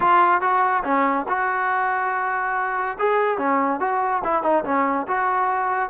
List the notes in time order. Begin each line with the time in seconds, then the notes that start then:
0.00 F4
0.41 F#4
0.84 C#4
1.28 F#4
2.98 G#4
3.37 C#4
3.80 F#4
4.24 E4
4.42 D#4
4.64 C#4
5.07 F#4